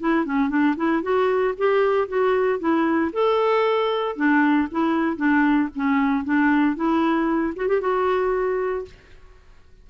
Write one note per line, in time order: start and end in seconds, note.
0.00 0.25 E4
0.25 0.49 C#4
0.49 0.75 D4
0.76 1.02 E4
1.02 1.54 F#4
1.57 2.08 G4
2.08 2.59 F#4
2.59 3.11 E4
3.13 4.16 A4
4.16 4.68 D4
4.71 5.16 E4
5.16 5.68 D4
5.75 6.24 C#4
6.24 6.76 D4
6.76 7.54 E4
7.56 7.68 F#4
7.68 7.81 G4
7.81 8.85 F#4